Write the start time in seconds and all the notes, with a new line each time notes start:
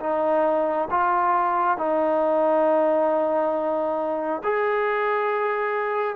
0.00 D#4
0.91 F4
1.78 D#4
4.44 G#4